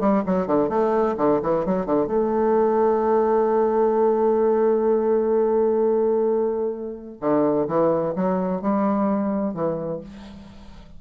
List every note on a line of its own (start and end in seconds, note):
0.00 0.23 G3
0.26 0.47 F#3
0.47 0.69 D3
0.69 1.16 A3
1.17 1.40 D3
1.43 1.66 E3
1.66 1.86 F#3
1.86 2.07 D3
2.07 7.18 A3
7.21 7.67 D3
7.68 8.14 E3
8.16 8.62 F#3
8.62 9.54 G3
9.54 10.01 E3